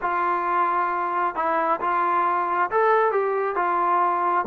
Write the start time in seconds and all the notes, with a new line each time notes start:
0.01 F4
1.35 E4
1.80 F4
2.70 A4
3.11 G4
3.55 F4